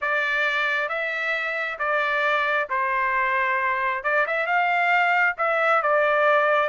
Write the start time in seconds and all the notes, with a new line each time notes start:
0.01 D5
0.88 E5
1.78 D5
2.69 C5
4.03 D5
4.27 E5
4.46 F5
5.37 E5
5.82 D5